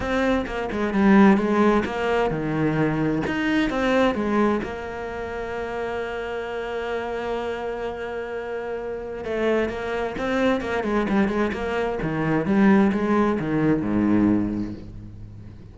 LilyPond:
\new Staff \with { instrumentName = "cello" } { \time 4/4 \tempo 4 = 130 c'4 ais8 gis8 g4 gis4 | ais4 dis2 dis'4 | c'4 gis4 ais2~ | ais1~ |
ais1 | a4 ais4 c'4 ais8 gis8 | g8 gis8 ais4 dis4 g4 | gis4 dis4 gis,2 | }